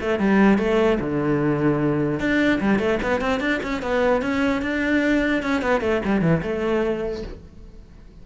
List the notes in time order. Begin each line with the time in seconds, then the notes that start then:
0.00 A3
0.18 G3
0.58 A3
1.00 D3
2.19 D4
2.60 G3
2.79 A3
3.02 B3
3.21 C4
3.40 D4
3.62 C#4
3.82 B3
4.21 C#4
4.62 D4
5.42 C#4
5.61 B3
5.81 A3
6.05 G3
6.21 E3
6.42 A3